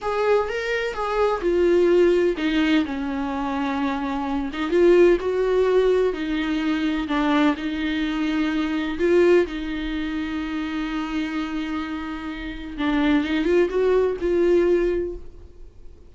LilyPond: \new Staff \with { instrumentName = "viola" } { \time 4/4 \tempo 4 = 127 gis'4 ais'4 gis'4 f'4~ | f'4 dis'4 cis'2~ | cis'4. dis'8 f'4 fis'4~ | fis'4 dis'2 d'4 |
dis'2. f'4 | dis'1~ | dis'2. d'4 | dis'8 f'8 fis'4 f'2 | }